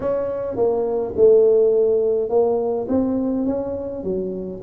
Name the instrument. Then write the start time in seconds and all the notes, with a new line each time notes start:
tuba
0.00 C#4
0.56 A#3
1.16 A3
2.29 A#3
2.88 C4
3.46 C#4
4.03 F#3